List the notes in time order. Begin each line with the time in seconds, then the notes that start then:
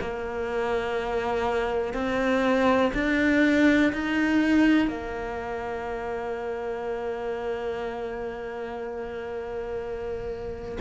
0.00 A#3
1.93 C4
2.93 D4
3.92 D#4
4.87 A#3